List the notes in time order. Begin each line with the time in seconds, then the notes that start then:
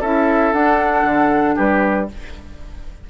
0.00 C#4 E4 A4 E5
0.52 D4 F#5
1.04 D3
1.55 G3 G4 B4